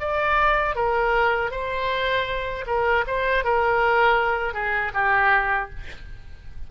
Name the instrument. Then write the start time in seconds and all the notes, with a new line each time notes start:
oboe
0.00 D5
0.75 A#4
1.51 C5
2.67 A#4
3.07 C5
3.44 A#4
4.54 G#4
4.94 G4